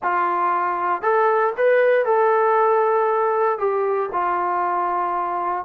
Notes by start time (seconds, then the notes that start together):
0.02 F4
1.01 A4
1.57 B4
2.05 A4
3.58 G4
4.12 F4